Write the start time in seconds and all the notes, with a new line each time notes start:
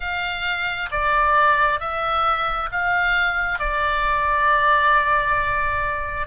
0.00 F5
0.91 D5
1.80 E5
2.71 F5
3.59 D5